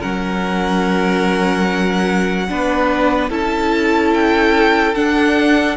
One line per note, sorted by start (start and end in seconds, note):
0.00 2.50 F#3
0.00 2.48 C#4
0.00 2.47 A#4
0.00 3.31 F#5
2.48 3.30 B3
2.48 3.30 D4
2.48 3.30 B4
3.30 4.95 C#4
3.30 4.94 E4
3.30 5.77 A4
3.30 4.14 A5
4.14 4.95 G5
4.95 5.77 D4
4.95 5.77 F#5